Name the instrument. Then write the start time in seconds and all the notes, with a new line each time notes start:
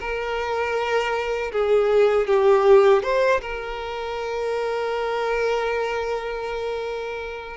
violin
0.00 A#4
1.52 G#4
2.27 G4
3.03 C5
3.41 A#4